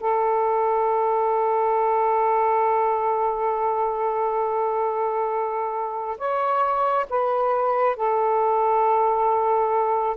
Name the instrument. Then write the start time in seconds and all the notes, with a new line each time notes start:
saxophone
0.00 A4
6.18 C#5
7.09 B4
7.96 A4